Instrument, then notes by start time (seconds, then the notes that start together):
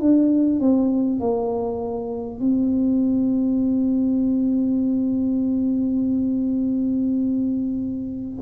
tuba
0.00 D4
0.60 C4
1.20 A#3
2.40 C4